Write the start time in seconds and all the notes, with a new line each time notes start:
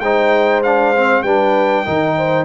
0.00 G#3 D#4 C5 G5
0.63 D4 F5
0.96 C4
1.22 G3 D4 B4 G5
1.85 D#3 D#4 A#4
2.17 C5